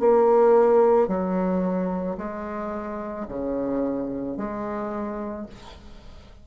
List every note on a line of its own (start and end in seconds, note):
0.00 1.08 A#3
1.08 2.17 F#3
2.17 3.26 G#3
3.28 4.37 C#3
4.37 5.46 G#3